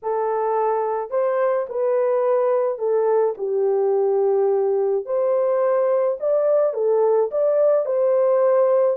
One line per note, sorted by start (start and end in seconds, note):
0.02 1.10 A4
1.10 1.66 C5
1.69 2.78 B4
2.78 3.34 A4
3.37 5.05 G4
5.05 6.17 C5
6.20 6.73 D5
6.73 7.29 A4
7.31 7.85 D5
7.85 8.97 C5